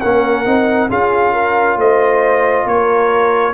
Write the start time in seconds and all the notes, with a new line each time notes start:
0.00 A#3 C#4 A#4 F#5
0.45 C4 D#4
0.89 C#4 F4 G#4 F5
1.32 A#4
1.76 A3 C5 D#5
2.65 A#3 A#4 C#5